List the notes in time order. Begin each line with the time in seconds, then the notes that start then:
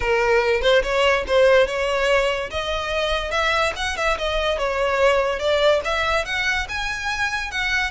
0.00 A#4
0.61 C5
0.82 C#5
1.27 C5
1.66 C#5
2.50 D#5
3.31 E5
3.75 F#5
3.97 E5
4.17 D#5
4.58 C#5
5.39 D5
5.84 E5
6.25 F#5
6.68 G#5
7.51 F#5